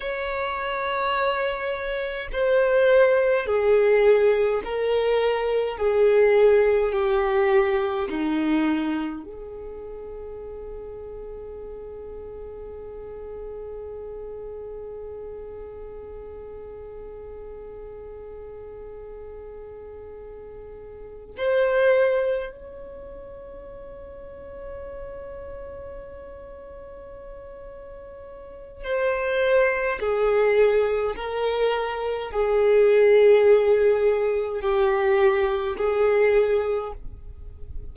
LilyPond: \new Staff \with { instrumentName = "violin" } { \time 4/4 \tempo 4 = 52 cis''2 c''4 gis'4 | ais'4 gis'4 g'4 dis'4 | gis'1~ | gis'1~ |
gis'2~ gis'8 c''4 cis''8~ | cis''1~ | cis''4 c''4 gis'4 ais'4 | gis'2 g'4 gis'4 | }